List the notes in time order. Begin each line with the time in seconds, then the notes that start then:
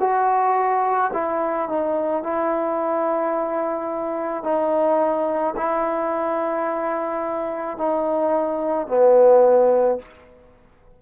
0.00 F#4
1.14 E4
1.69 D#4
2.24 E4
4.44 D#4
5.57 E4
7.78 D#4
8.88 B3